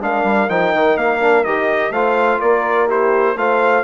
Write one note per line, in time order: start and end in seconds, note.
0.00 0.24 G#3
0.00 0.49 D4
0.00 1.92 A#4
0.00 0.50 F5
0.24 0.48 G3
0.49 0.73 F3
0.49 1.21 D#4
0.49 0.98 G5
0.74 0.97 D#3
0.97 1.45 A#3
0.97 1.44 F5
1.21 1.45 D4
1.44 1.91 D#3
1.44 1.94 G4
1.44 1.92 D#5
1.91 2.39 A3
1.91 2.89 F4
1.91 2.40 C5
1.91 2.41 F5
2.40 3.36 A#3
2.40 2.87 A#4
2.40 2.89 D5
2.87 3.37 E4
2.87 3.35 G4
2.87 3.38 C5
3.36 3.84 A3
3.36 3.84 F4
3.36 3.84 C5
3.36 3.84 F5